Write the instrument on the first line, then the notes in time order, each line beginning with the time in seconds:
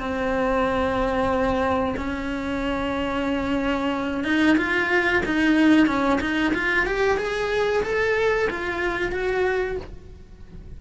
cello
0.00 C4
1.97 C#4
4.25 D#4
4.57 F4
5.26 D#4
5.87 C#4
6.21 D#4
6.55 F4
6.86 G4
7.18 G#4
7.84 A4
8.50 F4
9.12 F#4